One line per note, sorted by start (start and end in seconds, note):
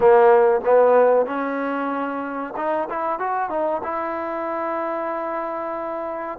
0.00 0.61 A#3
0.64 1.26 B3
1.26 2.54 C#4
2.56 2.88 D#4
2.89 3.19 E4
3.19 3.49 F#4
3.49 3.81 D#4
3.83 6.38 E4